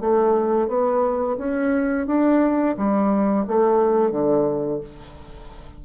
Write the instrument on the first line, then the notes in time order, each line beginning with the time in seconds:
bassoon
0.00 A3
0.68 B3
1.38 C#4
2.07 D4
2.77 G3
3.47 A3
4.11 D3